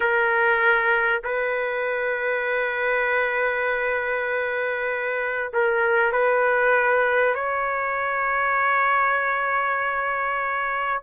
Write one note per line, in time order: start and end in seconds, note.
0.00 1.21 A#4
1.24 5.52 B4
5.53 6.12 A#4
6.12 7.34 B4
7.34 11.02 C#5